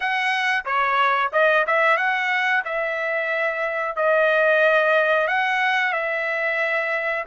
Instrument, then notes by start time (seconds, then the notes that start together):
trumpet
0.00 F#5
0.65 C#5
1.32 D#5
1.66 E5
1.97 F#5
2.64 E5
3.96 D#5
5.27 F#5
5.93 E5